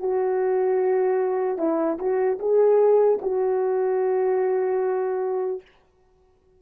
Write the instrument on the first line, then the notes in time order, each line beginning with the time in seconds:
horn
0.00 F#4
1.58 E4
1.99 F#4
2.40 G#4
3.22 F#4